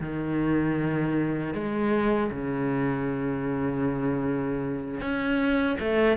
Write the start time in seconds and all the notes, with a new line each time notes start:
0.00 D#3
1.53 G#3
2.31 C#3
5.00 C#4
5.80 A3